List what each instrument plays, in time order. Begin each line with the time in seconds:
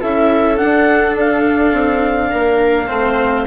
0.00 bassoon C#4, cello E4, viola A4, clarinet E5
0.57 cello D4, bassoon D4, clarinet F#5
1.19 clarinet F5
1.72 bassoon C4
2.31 bassoon A#3, viola A#4
2.87 bassoon A3, cello C4, viola C5